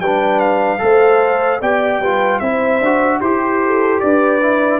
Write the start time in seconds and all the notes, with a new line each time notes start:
0.00 G3 D4 B4 G5
0.40 F5
0.79 A3 A4 C5
1.61 B3 G4 D5 G5
2.00 G3 F4 B4
2.40 C4 E4 C5 E5
2.81 D4 F#4
3.19 E4 G4 C5
3.65 A4
4.00 D4 B4 D5
4.42 E4